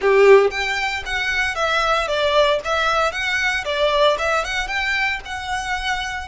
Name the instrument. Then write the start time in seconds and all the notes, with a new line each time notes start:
violin
0.01 G4
0.51 G5
1.05 F#5
1.55 E5
2.07 D5
2.64 E5
3.12 F#5
3.65 D5
4.18 E5
4.44 F#5
4.67 G5
5.25 F#5